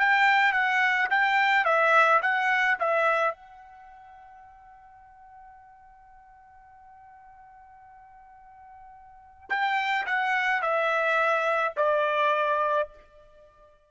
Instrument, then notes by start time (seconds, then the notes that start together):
trumpet
0.00 G5
0.53 F#5
1.10 G5
1.65 E5
2.23 F#5
2.80 E5
3.35 F#5
9.50 G5
10.06 F#5
10.62 E5
11.77 D5